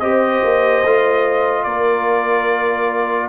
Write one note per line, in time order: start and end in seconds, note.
0.00 0.42 C4
0.00 0.85 G4
0.00 1.65 C5
0.00 1.64 D#5
0.44 0.84 A#3
0.84 1.65 A3
0.84 3.29 F4
1.64 3.29 A#3
1.64 3.29 A#4
1.64 3.28 D5